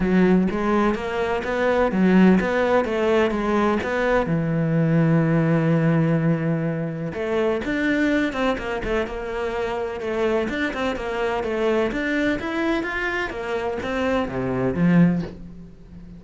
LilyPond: \new Staff \with { instrumentName = "cello" } { \time 4/4 \tempo 4 = 126 fis4 gis4 ais4 b4 | fis4 b4 a4 gis4 | b4 e2.~ | e2. a4 |
d'4. c'8 ais8 a8 ais4~ | ais4 a4 d'8 c'8 ais4 | a4 d'4 e'4 f'4 | ais4 c'4 c4 f4 | }